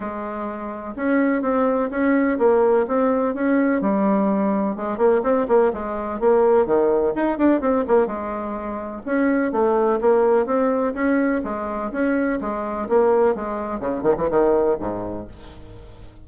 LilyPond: \new Staff \with { instrumentName = "bassoon" } { \time 4/4 \tempo 4 = 126 gis2 cis'4 c'4 | cis'4 ais4 c'4 cis'4 | g2 gis8 ais8 c'8 ais8 | gis4 ais4 dis4 dis'8 d'8 |
c'8 ais8 gis2 cis'4 | a4 ais4 c'4 cis'4 | gis4 cis'4 gis4 ais4 | gis4 cis8 dis16 e16 dis4 gis,4 | }